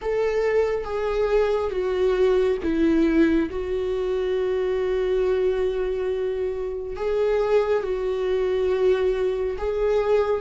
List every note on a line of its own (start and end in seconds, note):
0.01 0.84 A4
0.84 1.70 G#4
1.70 2.57 F#4
2.62 3.49 E4
3.50 6.96 F#4
6.96 7.83 G#4
7.83 9.57 F#4
9.58 10.41 G#4